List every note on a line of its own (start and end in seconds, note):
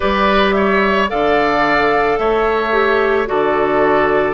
0.00 1.11 G3
0.00 1.07 G4
0.00 0.55 B4
0.00 0.51 D5
0.51 1.10 C#5
0.51 1.06 E5
1.07 2.18 D3
1.07 2.71 A4
1.07 2.19 D5
1.07 2.18 F5
2.18 3.27 A3
2.18 3.28 C#5
2.18 3.27 E5
2.72 3.26 G4
3.26 4.33 D3
3.26 4.33 F#4
3.26 4.33 A4
3.26 4.33 D5